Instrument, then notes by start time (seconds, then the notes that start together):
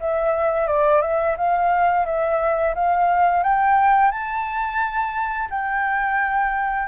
flute
0.00 E5
0.67 D5
1.02 E5
1.37 F5
2.05 E5
2.75 F5
3.43 G5
4.11 A5
5.50 G5